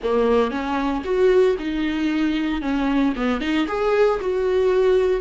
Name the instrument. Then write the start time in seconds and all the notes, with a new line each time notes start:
viola
0.03 A#3
0.50 C#4
1.04 F#4
1.58 D#4
2.61 C#4
3.16 B3
3.40 D#4
3.67 G#4
4.20 F#4